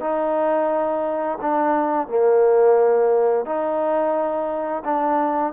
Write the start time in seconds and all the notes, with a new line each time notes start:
0.00 D#4
1.41 D4
2.08 A#3
3.45 D#4
4.84 D4